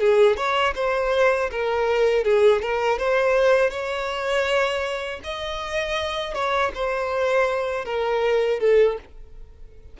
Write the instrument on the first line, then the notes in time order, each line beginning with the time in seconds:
violin
0.00 G#4
0.37 C#5
0.75 C5
1.51 A#4
2.25 G#4
2.62 A#4
2.99 C5
3.70 C#5
5.24 D#5
6.34 C#5
6.75 C5
7.85 A#4
8.60 A4